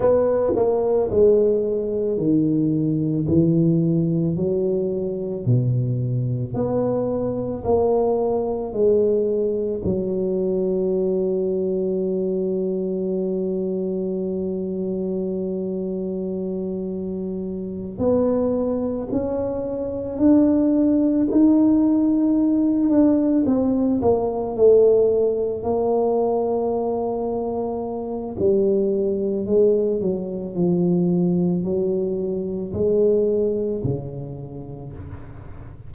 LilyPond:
\new Staff \with { instrumentName = "tuba" } { \time 4/4 \tempo 4 = 55 b8 ais8 gis4 dis4 e4 | fis4 b,4 b4 ais4 | gis4 fis2.~ | fis1~ |
fis8 b4 cis'4 d'4 dis'8~ | dis'4 d'8 c'8 ais8 a4 ais8~ | ais2 g4 gis8 fis8 | f4 fis4 gis4 cis4 | }